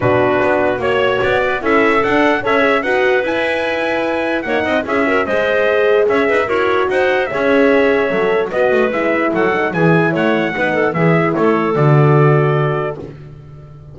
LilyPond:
<<
  \new Staff \with { instrumentName = "trumpet" } { \time 4/4 \tempo 4 = 148 b'2 cis''4 d''4 | e''4 fis''4 e''4 fis''4 | gis''2. fis''4 | e''4 dis''2 e''4 |
cis''4 fis''4 e''2~ | e''4 dis''4 e''4 fis''4 | gis''4 fis''2 e''4 | cis''4 d''2. | }
  \new Staff \with { instrumentName = "clarinet" } { \time 4/4 fis'2 cis''4. b'8 | a'2 cis''4 b'4~ | b'2. cis''8 dis''8 | gis'8 ais'8 c''2 cis''8 b'8 |
ais'4 c''4 cis''2~ | cis''4 b'2 a'4 | gis'4 cis''4 b'8 a'8 gis'4 | a'1 | }
  \new Staff \with { instrumentName = "horn" } { \time 4/4 d'2 fis'2 | e'4 d'4 a'8 gis'8 fis'4 | e'2. dis'4 | e'8 fis'8 gis'2. |
fis'2 gis'2 | a'4 fis'4 e'4. dis'8 | e'2 dis'4 e'4~ | e'4 fis'2. | }
  \new Staff \with { instrumentName = "double bass" } { \time 4/4 b,4 b4 ais4 b4 | cis'4 d'4 cis'4 dis'4 | e'2. ais8 c'8 | cis'4 gis2 cis'8 dis'8 |
e'4 dis'4 cis'2 | fis4 b8 a8 gis4 fis4 | e4 a4 b4 e4 | a4 d2. | }
>>